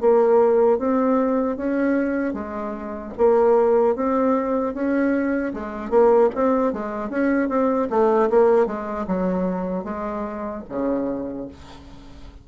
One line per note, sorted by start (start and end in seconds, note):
0.00 0.78 A#3
0.78 1.56 C4
1.56 2.33 C#4
2.33 3.12 G#3
3.17 3.95 A#3
3.95 4.73 C4
4.73 5.52 C#4
5.53 5.90 G#3
5.90 6.29 A#3
6.34 6.72 C4
6.72 7.09 G#3
7.09 7.49 C#4
7.49 7.88 C4
7.89 8.29 A3
8.30 8.66 A#3
8.66 9.05 G#3
9.07 9.84 F#3
9.84 10.63 G#3
10.69 11.48 C#3